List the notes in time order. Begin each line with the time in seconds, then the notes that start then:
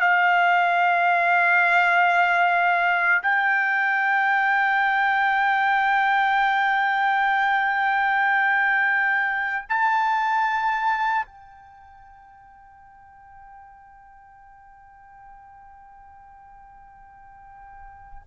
0.00 F5
3.22 G5
9.69 A5
11.25 G5